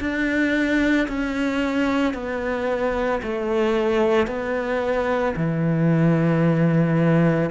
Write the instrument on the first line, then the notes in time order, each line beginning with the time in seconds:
cello
0.00 D4
1.08 C#4
2.14 B3
3.22 A3
4.27 B3
5.36 E3